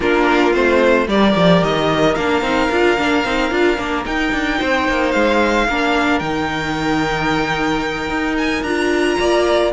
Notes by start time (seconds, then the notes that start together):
0.00 A#3 D4 F4 A#4
0.52 A3 C4 C5
1.08 G3 G4 A#4 D5
1.35 F3
1.62 D#3 D#5
2.15 A#3 D4 F5
2.41 C4 D#4
2.70 D4 F4
2.97 A#3 D4
3.24 C4 D#4
3.50 D4 F4
3.77 A#3 D4
4.05 D#4 G5
4.32 D4
4.59 C4 C5
4.88 A#3
5.11 G#3 F5
5.68 A#3 D4 A#4
6.19 D#3 D#4 G5
8.09 D#4
8.37 G#5
8.62 D4 F4 A#5
9.19 A#3 D5